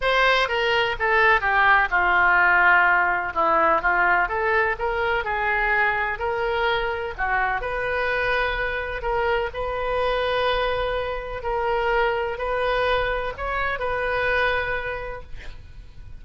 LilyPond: \new Staff \with { instrumentName = "oboe" } { \time 4/4 \tempo 4 = 126 c''4 ais'4 a'4 g'4 | f'2. e'4 | f'4 a'4 ais'4 gis'4~ | gis'4 ais'2 fis'4 |
b'2. ais'4 | b'1 | ais'2 b'2 | cis''4 b'2. | }